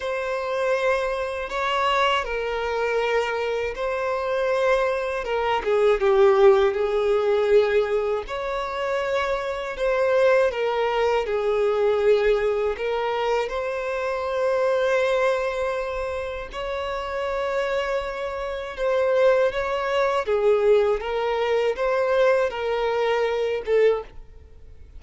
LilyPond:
\new Staff \with { instrumentName = "violin" } { \time 4/4 \tempo 4 = 80 c''2 cis''4 ais'4~ | ais'4 c''2 ais'8 gis'8 | g'4 gis'2 cis''4~ | cis''4 c''4 ais'4 gis'4~ |
gis'4 ais'4 c''2~ | c''2 cis''2~ | cis''4 c''4 cis''4 gis'4 | ais'4 c''4 ais'4. a'8 | }